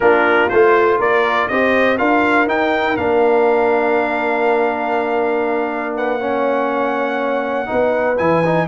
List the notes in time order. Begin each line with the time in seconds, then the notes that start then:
0.00 A#3 D4 F4 A#4
0.49 A3 F4 C5
0.98 A#3 A#4 D5
1.48 C4 G4 C5 D#5
1.98 D4 F4 A#4 F5
2.47 D#4 G5
2.96 A#3 D4 F5
5.95 B4 F#5
6.19 C#4 C#5
7.66 B3 D#4 B4
8.17 E3 E4 G#5
8.45 D#4